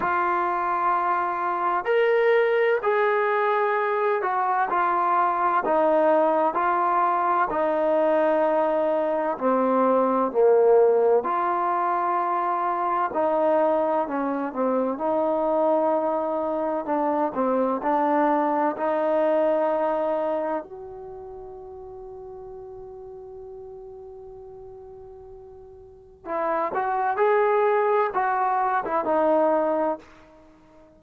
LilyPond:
\new Staff \with { instrumentName = "trombone" } { \time 4/4 \tempo 4 = 64 f'2 ais'4 gis'4~ | gis'8 fis'8 f'4 dis'4 f'4 | dis'2 c'4 ais4 | f'2 dis'4 cis'8 c'8 |
dis'2 d'8 c'8 d'4 | dis'2 fis'2~ | fis'1 | e'8 fis'8 gis'4 fis'8. e'16 dis'4 | }